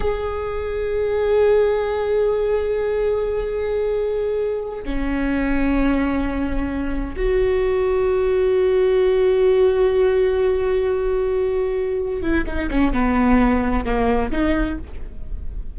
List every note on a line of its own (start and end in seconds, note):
0.00 4.84 G#4
4.84 7.15 C#4
7.16 12.21 F#4
12.21 12.44 E4
12.46 12.69 D#4
12.70 12.93 C#4
12.93 13.85 B3
13.85 14.31 A#3
14.31 14.78 D#4